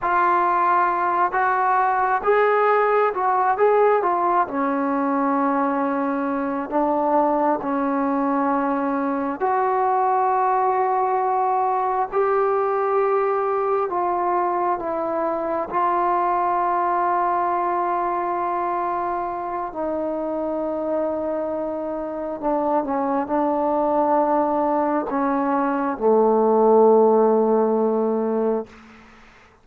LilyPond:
\new Staff \with { instrumentName = "trombone" } { \time 4/4 \tempo 4 = 67 f'4. fis'4 gis'4 fis'8 | gis'8 f'8 cis'2~ cis'8 d'8~ | d'8 cis'2 fis'4.~ | fis'4. g'2 f'8~ |
f'8 e'4 f'2~ f'8~ | f'2 dis'2~ | dis'4 d'8 cis'8 d'2 | cis'4 a2. | }